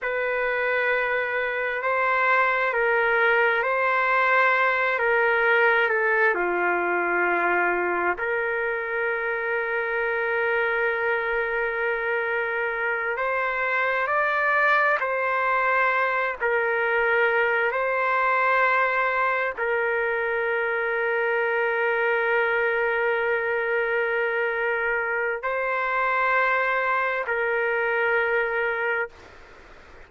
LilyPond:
\new Staff \with { instrumentName = "trumpet" } { \time 4/4 \tempo 4 = 66 b'2 c''4 ais'4 | c''4. ais'4 a'8 f'4~ | f'4 ais'2.~ | ais'2~ ais'8 c''4 d''8~ |
d''8 c''4. ais'4. c''8~ | c''4. ais'2~ ais'8~ | ais'1 | c''2 ais'2 | }